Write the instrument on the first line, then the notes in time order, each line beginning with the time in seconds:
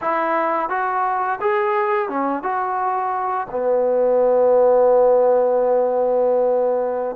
trombone
0.01 E4
0.69 F#4
1.40 G#4
2.09 C#4
2.42 F#4
3.50 B3